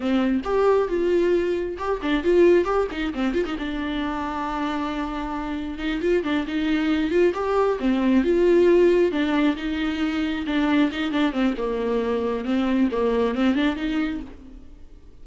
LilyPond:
\new Staff \with { instrumentName = "viola" } { \time 4/4 \tempo 4 = 135 c'4 g'4 f'2 | g'8 d'8 f'4 g'8 dis'8 c'8 f'16 dis'16 | d'1~ | d'4 dis'8 f'8 d'8 dis'4. |
f'8 g'4 c'4 f'4.~ | f'8 d'4 dis'2 d'8~ | d'8 dis'8 d'8 c'8 ais2 | c'4 ais4 c'8 d'8 dis'4 | }